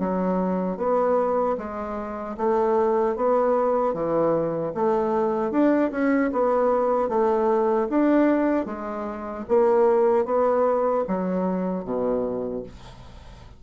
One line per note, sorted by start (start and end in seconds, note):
0.00 0.78 F#3
0.78 1.57 B3
1.58 2.37 G#3
2.38 3.16 A3
3.16 3.94 B3
3.94 4.73 E3
4.75 5.52 A3
5.52 5.91 D4
5.92 6.31 C#4
6.33 7.09 B3
7.09 7.88 A3
7.90 8.66 D4
8.66 9.45 G#3
9.49 10.26 A#3
10.26 11.05 B3
11.08 11.85 F#3
11.85 12.64 B2